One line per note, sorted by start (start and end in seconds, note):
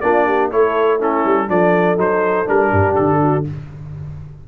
0.00 0.52 A#3
0.00 0.51 D4
0.00 0.26 F4
0.00 0.49 D5
0.26 0.51 G4
0.51 1.25 A3
0.51 0.99 E4
0.51 0.98 A4
0.51 1.00 C#5
0.98 1.47 C#4
0.98 1.47 E4
0.98 1.49 A4
1.25 1.49 G3
1.47 1.97 F3
1.47 1.97 D4
1.47 2.71 A4
1.47 1.98 D5
1.97 2.46 F#3
1.97 2.46 D#4
1.97 2.48 C5
2.46 2.72 G3
2.46 3.44 D4
2.46 2.95 A#4
2.71 2.96 G2
2.71 3.20 G4
2.95 3.48 D3
2.95 3.44 A4
3.21 3.46 F#4